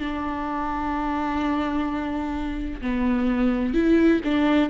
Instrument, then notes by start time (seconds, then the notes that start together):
viola
0.00 D4
2.81 B3
3.74 E4
4.25 D4